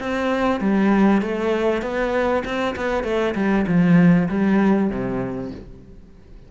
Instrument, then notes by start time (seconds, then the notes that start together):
cello
0.00 C4
0.61 G3
1.22 A3
1.83 B3
2.45 C4
2.76 B3
3.04 A3
3.35 G3
3.68 F3
4.29 G3
4.90 C3